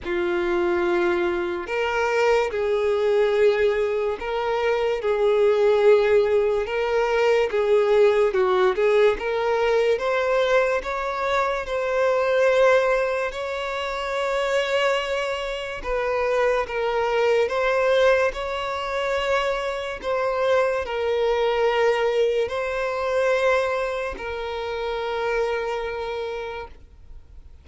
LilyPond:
\new Staff \with { instrumentName = "violin" } { \time 4/4 \tempo 4 = 72 f'2 ais'4 gis'4~ | gis'4 ais'4 gis'2 | ais'4 gis'4 fis'8 gis'8 ais'4 | c''4 cis''4 c''2 |
cis''2. b'4 | ais'4 c''4 cis''2 | c''4 ais'2 c''4~ | c''4 ais'2. | }